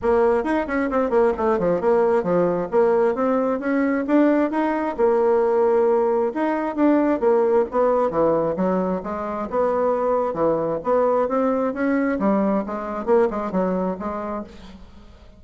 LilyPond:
\new Staff \with { instrumentName = "bassoon" } { \time 4/4 \tempo 4 = 133 ais4 dis'8 cis'8 c'8 ais8 a8 f8 | ais4 f4 ais4 c'4 | cis'4 d'4 dis'4 ais4~ | ais2 dis'4 d'4 |
ais4 b4 e4 fis4 | gis4 b2 e4 | b4 c'4 cis'4 g4 | gis4 ais8 gis8 fis4 gis4 | }